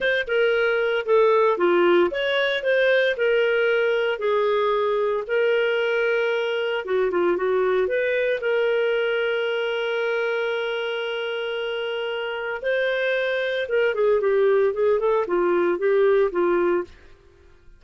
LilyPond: \new Staff \with { instrumentName = "clarinet" } { \time 4/4 \tempo 4 = 114 c''8 ais'4. a'4 f'4 | cis''4 c''4 ais'2 | gis'2 ais'2~ | ais'4 fis'8 f'8 fis'4 b'4 |
ais'1~ | ais'1 | c''2 ais'8 gis'8 g'4 | gis'8 a'8 f'4 g'4 f'4 | }